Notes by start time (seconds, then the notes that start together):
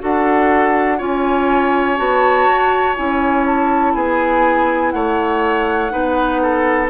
0.00 D4 F#4 A4 F#5
0.98 C#4 F4 C#5 G#5
1.97 B3 F#4 A5
2.48 F#4
2.96 C#4 E4 G#5
3.47 A5
3.95 B3 G#4 G#5
4.91 A3 C#5 F#5
5.90 B3 D#4 B4
6.42 A4